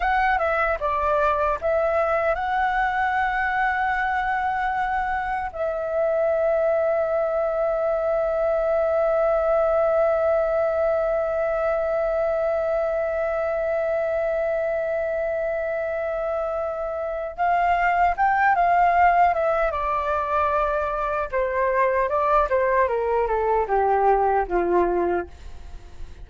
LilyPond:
\new Staff \with { instrumentName = "flute" } { \time 4/4 \tempo 4 = 76 fis''8 e''8 d''4 e''4 fis''4~ | fis''2. e''4~ | e''1~ | e''1~ |
e''1~ | e''2 f''4 g''8 f''8~ | f''8 e''8 d''2 c''4 | d''8 c''8 ais'8 a'8 g'4 f'4 | }